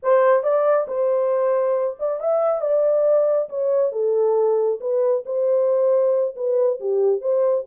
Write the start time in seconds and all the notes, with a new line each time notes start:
0.02 C5
0.43 D5
0.87 C5
1.99 D5
2.20 E5
2.61 D5
3.49 C#5
3.91 A4
4.80 B4
5.25 C5
6.35 B4
6.80 G4
7.21 C5